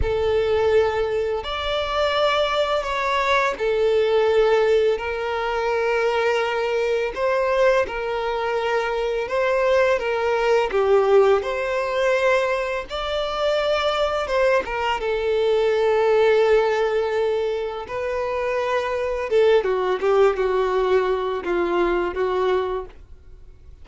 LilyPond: \new Staff \with { instrumentName = "violin" } { \time 4/4 \tempo 4 = 84 a'2 d''2 | cis''4 a'2 ais'4~ | ais'2 c''4 ais'4~ | ais'4 c''4 ais'4 g'4 |
c''2 d''2 | c''8 ais'8 a'2.~ | a'4 b'2 a'8 fis'8 | g'8 fis'4. f'4 fis'4 | }